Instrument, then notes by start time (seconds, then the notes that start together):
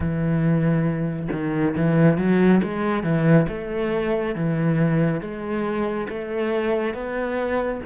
cello
0.00 E3
1.32 D#3
1.76 E3
2.17 F#3
2.63 G#3
3.03 E3
3.48 A3
4.35 E3
5.20 G#3
6.09 A3
6.94 B3